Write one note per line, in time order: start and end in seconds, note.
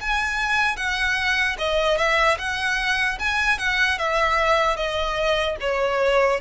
0.00 0.76 G#5
0.76 1.56 F#5
1.58 1.97 D#5
1.97 2.37 E5
2.38 3.18 F#5
3.19 3.58 G#5
3.58 3.98 F#5
3.98 4.76 E5
4.76 5.56 D#5
5.60 6.40 C#5